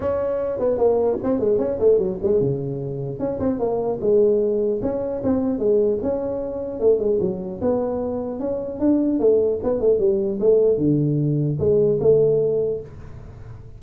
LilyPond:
\new Staff \with { instrumentName = "tuba" } { \time 4/4 \tempo 4 = 150 cis'4. b8 ais4 c'8 gis8 | cis'8 a8 fis8 gis8 cis2 | cis'8 c'8 ais4 gis2 | cis'4 c'4 gis4 cis'4~ |
cis'4 a8 gis8 fis4 b4~ | b4 cis'4 d'4 a4 | b8 a8 g4 a4 d4~ | d4 gis4 a2 | }